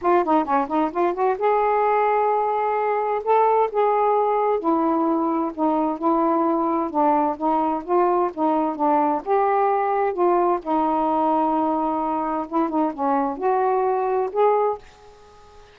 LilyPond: \new Staff \with { instrumentName = "saxophone" } { \time 4/4 \tempo 4 = 130 f'8 dis'8 cis'8 dis'8 f'8 fis'8 gis'4~ | gis'2. a'4 | gis'2 e'2 | dis'4 e'2 d'4 |
dis'4 f'4 dis'4 d'4 | g'2 f'4 dis'4~ | dis'2. e'8 dis'8 | cis'4 fis'2 gis'4 | }